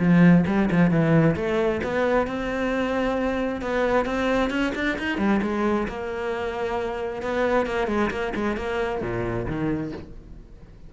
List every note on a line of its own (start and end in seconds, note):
0.00 0.45 F3
0.47 0.70 G3
0.72 0.91 F3
0.91 1.36 E3
1.36 1.81 A3
1.84 2.28 B3
2.28 3.62 C4
3.62 4.06 B3
4.06 4.51 C4
4.51 4.73 C#4
4.76 4.98 D4
4.99 5.18 D#4
5.18 5.41 G3
5.43 5.88 G#3
5.88 7.23 A#3
7.23 7.67 B3
7.67 7.88 A#3
7.88 8.11 G#3
8.11 8.34 A#3
8.36 8.57 G#3
8.57 9.02 A#3
9.02 9.47 A#2
9.48 9.93 D#3